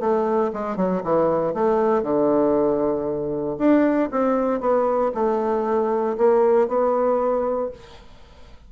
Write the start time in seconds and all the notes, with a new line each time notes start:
0.00 A3
0.53 G#3
0.76 F#3
1.04 E3
1.54 A3
2.03 D3
3.59 D4
4.11 C4
4.60 B3
5.14 A3
6.18 A#3
6.68 B3